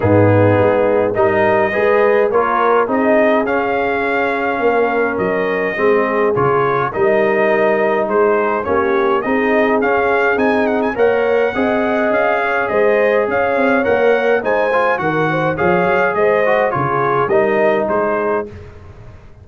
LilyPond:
<<
  \new Staff \with { instrumentName = "trumpet" } { \time 4/4 \tempo 4 = 104 gis'2 dis''2 | cis''4 dis''4 f''2~ | f''4 dis''2 cis''4 | dis''2 c''4 cis''4 |
dis''4 f''4 gis''8 fis''16 gis''16 fis''4~ | fis''4 f''4 dis''4 f''4 | fis''4 gis''4 fis''4 f''4 | dis''4 cis''4 dis''4 c''4 | }
  \new Staff \with { instrumentName = "horn" } { \time 4/4 dis'2 ais'4 b'4 | ais'4 gis'2. | ais'2 gis'2 | ais'2 gis'4 g'4 |
gis'2. cis''4 | dis''4. cis''8 c''4 cis''4~ | cis''4 c''4 ais'8 c''8 cis''4 | c''4 gis'4 ais'4 gis'4 | }
  \new Staff \with { instrumentName = "trombone" } { \time 4/4 b2 dis'4 gis'4 | f'4 dis'4 cis'2~ | cis'2 c'4 f'4 | dis'2. cis'4 |
dis'4 cis'4 dis'4 ais'4 | gis'1 | ais'4 dis'8 f'8 fis'4 gis'4~ | gis'8 fis'8 f'4 dis'2 | }
  \new Staff \with { instrumentName = "tuba" } { \time 4/4 gis,4 gis4 g4 gis4 | ais4 c'4 cis'2 | ais4 fis4 gis4 cis4 | g2 gis4 ais4 |
c'4 cis'4 c'4 ais4 | c'4 cis'4 gis4 cis'8 c'8 | ais4 gis4 dis4 f8 fis8 | gis4 cis4 g4 gis4 | }
>>